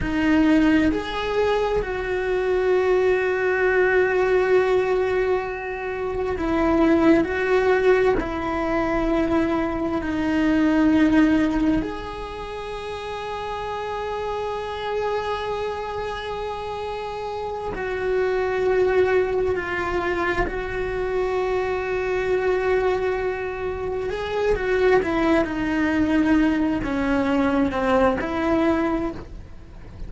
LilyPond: \new Staff \with { instrumentName = "cello" } { \time 4/4 \tempo 4 = 66 dis'4 gis'4 fis'2~ | fis'2. e'4 | fis'4 e'2 dis'4~ | dis'4 gis'2.~ |
gis'2.~ gis'8 fis'8~ | fis'4. f'4 fis'4.~ | fis'2~ fis'8 gis'8 fis'8 e'8 | dis'4. cis'4 c'8 e'4 | }